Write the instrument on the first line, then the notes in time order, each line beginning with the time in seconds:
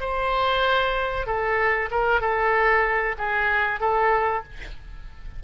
oboe
0.00 C5
1.26 A4
1.91 A#4
2.20 A4
3.18 G#4
3.80 A4